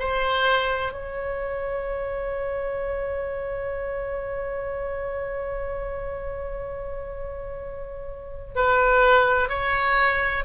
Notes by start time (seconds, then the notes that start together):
0.00 C5
0.93 C#5
8.56 B4
9.49 C#5